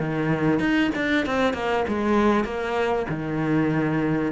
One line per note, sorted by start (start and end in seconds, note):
0.00 0.60 D#3
0.60 0.91 D#4
0.96 1.27 D4
1.27 1.54 C4
1.54 1.85 A#3
1.89 2.45 G#3
2.45 3.07 A#3
3.10 4.33 D#3